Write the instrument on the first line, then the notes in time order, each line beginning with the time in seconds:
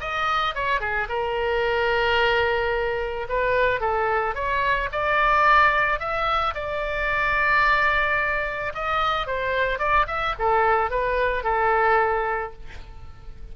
oboe
0.00 D#5
0.54 C#5
0.80 G#4
1.09 A#4
3.29 B4
3.80 A4
4.34 C#5
4.91 D5
5.99 E5
6.54 D5
8.74 D#5
9.27 C5
9.78 D5
10.07 E5
10.38 A4
10.90 B4
11.43 A4